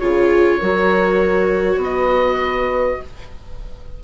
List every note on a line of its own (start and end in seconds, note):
0.00 0.61 C#3
0.00 0.61 F4
0.00 0.59 G#4
0.00 1.80 C#5
0.59 1.77 F#3
0.59 3.02 F#4
0.59 1.79 A#4
1.77 2.97 B3
1.77 2.99 B4
1.84 3.04 D#5